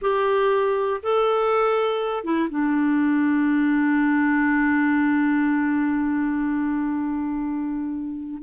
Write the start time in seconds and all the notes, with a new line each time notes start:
0.01 G4
1.03 A4
2.23 E4
2.49 D4